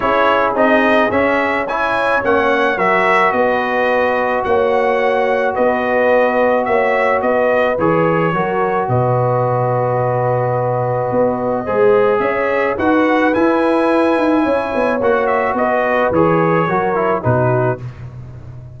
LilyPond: <<
  \new Staff \with { instrumentName = "trumpet" } { \time 4/4 \tempo 4 = 108 cis''4 dis''4 e''4 gis''4 | fis''4 e''4 dis''2 | fis''2 dis''2 | e''4 dis''4 cis''2 |
dis''1~ | dis''2 e''4 fis''4 | gis''2. fis''8 e''8 | dis''4 cis''2 b'4 | }
  \new Staff \with { instrumentName = "horn" } { \time 4/4 gis'2. cis''4~ | cis''4 ais'4 b'2 | cis''2 b'2 | cis''4 b'2 ais'4 |
b'1~ | b'4 c''4 cis''4 b'4~ | b'2 cis''2 | b'2 ais'4 fis'4 | }
  \new Staff \with { instrumentName = "trombone" } { \time 4/4 e'4 dis'4 cis'4 e'4 | cis'4 fis'2.~ | fis'1~ | fis'2 gis'4 fis'4~ |
fis'1~ | fis'4 gis'2 fis'4 | e'2. fis'4~ | fis'4 gis'4 fis'8 e'8 dis'4 | }
  \new Staff \with { instrumentName = "tuba" } { \time 4/4 cis'4 c'4 cis'2 | ais4 fis4 b2 | ais2 b2 | ais4 b4 e4 fis4 |
b,1 | b4 gis4 cis'4 dis'4 | e'4. dis'8 cis'8 b8 ais4 | b4 e4 fis4 b,4 | }
>>